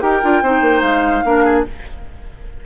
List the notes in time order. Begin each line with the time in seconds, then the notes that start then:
0.00 D#4 G4 A#4 G5
0.22 D4 F4
0.41 C4 D#4 C5
0.61 A#3
0.81 G#3 F5
1.24 A#3 D4 A#4
1.44 G#4